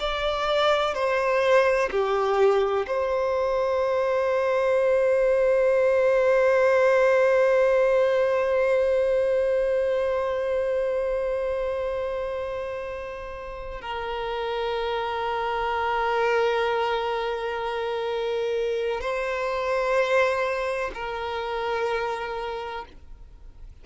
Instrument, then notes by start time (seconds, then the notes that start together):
violin
0.00 D5
0.94 C5
1.91 G4
2.87 C5
13.82 A#4
19.01 C5
20.95 A#4